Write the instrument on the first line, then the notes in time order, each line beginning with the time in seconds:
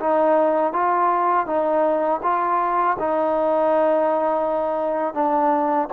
trombone
0.00 D#4
0.73 F4
1.46 D#4
2.23 F4
2.99 D#4
5.13 D4